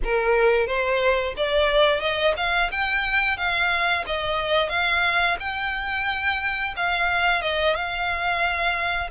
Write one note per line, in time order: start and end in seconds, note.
0.04 0.66 A#4
0.66 1.34 C5
1.37 2.00 D5
2.00 2.34 D#5
2.36 2.70 F5
2.71 3.37 G5
3.37 4.04 F5
4.06 4.69 D#5
4.69 5.36 F5
5.39 6.74 G5
6.76 7.41 F5
7.41 7.75 D#5
7.75 9.10 F5